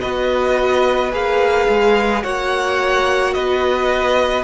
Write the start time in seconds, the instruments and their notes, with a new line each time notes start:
0.00 cello B3, viola F#4, violin B4 D#5
1.11 cello A#3, viola G#4, violin F5
1.68 cello G#3
2.22 cello A#3, viola F#4, violin C#5 F#5
3.33 cello B3, violin B4 D#5